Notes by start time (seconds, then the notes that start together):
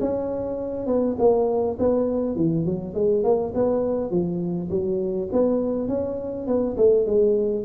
0.00 C#4
0.87 B3
1.18 A#3
1.79 B3
2.36 E3
2.65 F#3
2.94 G#3
3.24 A#3
3.54 B3
4.10 F3
4.70 F#3
5.32 B3
5.88 C#4
6.47 B3
6.77 A3
7.06 G#3